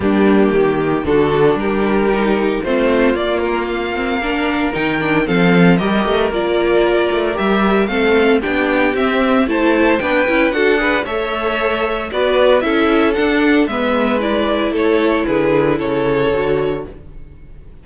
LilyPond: <<
  \new Staff \with { instrumentName = "violin" } { \time 4/4 \tempo 4 = 114 g'2 a'4 ais'4~ | ais'4 c''4 d''8 ais'8 f''4~ | f''4 g''4 f''4 dis''4 | d''2 e''4 f''4 |
g''4 e''4 a''4 g''4 | fis''4 e''2 d''4 | e''4 fis''4 e''4 d''4 | cis''4 b'4 cis''2 | }
  \new Staff \with { instrumentName = "violin" } { \time 4/4 d'4 g'4 fis'4 g'4~ | g'4 f'2. | ais'2 a'4 ais'4~ | ais'2. a'4 |
g'2 c''4 b'4 | a'8 b'8 cis''2 b'4 | a'2 b'2 | a'4 gis'4 a'2 | }
  \new Staff \with { instrumentName = "viola" } { \time 4/4 ais2 d'2 | dis'4 c'4 ais4. c'8 | d'4 dis'8 d'8 c'4 g'4 | f'2 g'4 c'4 |
d'4 c'4 e'4 d'8 e'8 | fis'8 gis'8 a'2 fis'4 | e'4 d'4 b4 e'4~ | e'2. fis'4 | }
  \new Staff \with { instrumentName = "cello" } { \time 4/4 g4 dis4 d4 g4~ | g4 a4 ais2~ | ais4 dis4 f4 g8 a8 | ais4. a8 g4 a4 |
b4 c'4 a4 b8 cis'8 | d'4 a2 b4 | cis'4 d'4 gis2 | a4 d4 cis4 d4 | }
>>